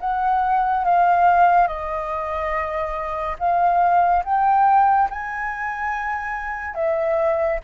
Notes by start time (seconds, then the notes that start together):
0.00 F#5
0.84 F5
1.67 D#5
3.39 F5
4.24 G5
5.10 G#5
6.75 E5